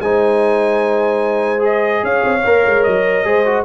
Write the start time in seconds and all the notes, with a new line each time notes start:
0.00 G#3 D#4 C5 G#5
1.59 G#4 D#5
2.03 C#4 C#5 F5
2.24 C4
2.45 A#3 A#4
2.66 G#3
2.83 F#3 D#5
3.24 G#3 G#4 C5
3.46 F#4